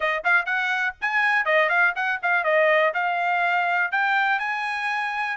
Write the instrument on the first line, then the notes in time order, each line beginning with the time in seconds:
trumpet
0.00 D#5
0.24 F5
0.45 F#5
1.01 G#5
1.45 D#5
1.69 F5
1.95 F#5
2.22 F5
2.44 D#5
2.94 F5
3.91 G5
4.39 G#5